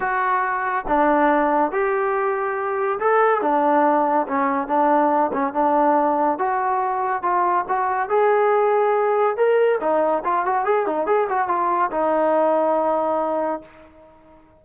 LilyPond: \new Staff \with { instrumentName = "trombone" } { \time 4/4 \tempo 4 = 141 fis'2 d'2 | g'2. a'4 | d'2 cis'4 d'4~ | d'8 cis'8 d'2 fis'4~ |
fis'4 f'4 fis'4 gis'4~ | gis'2 ais'4 dis'4 | f'8 fis'8 gis'8 dis'8 gis'8 fis'8 f'4 | dis'1 | }